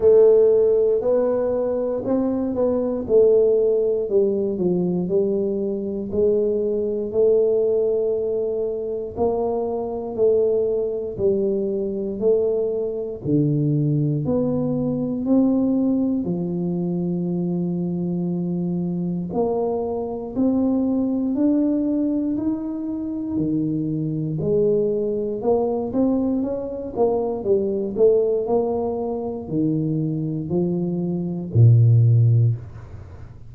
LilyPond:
\new Staff \with { instrumentName = "tuba" } { \time 4/4 \tempo 4 = 59 a4 b4 c'8 b8 a4 | g8 f8 g4 gis4 a4~ | a4 ais4 a4 g4 | a4 d4 b4 c'4 |
f2. ais4 | c'4 d'4 dis'4 dis4 | gis4 ais8 c'8 cis'8 ais8 g8 a8 | ais4 dis4 f4 ais,4 | }